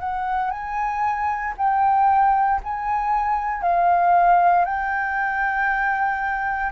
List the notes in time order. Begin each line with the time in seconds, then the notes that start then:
0.00 F#5
0.51 G#5
1.58 G5
2.63 G#5
3.63 F5
4.65 G5